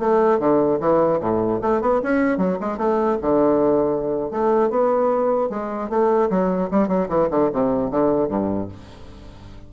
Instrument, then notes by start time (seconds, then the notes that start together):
bassoon
0.00 A3
0.40 D3
0.81 E3
1.21 A2
1.62 A3
1.82 B3
2.03 C#4
2.38 F#3
2.61 G#3
2.78 A3
3.22 D3
4.31 A3
4.71 B3
5.50 G#3
5.90 A3
6.31 F#3
6.71 G3
6.89 F#3
7.09 E3
7.31 D3
7.53 C3
7.91 D3
8.29 G2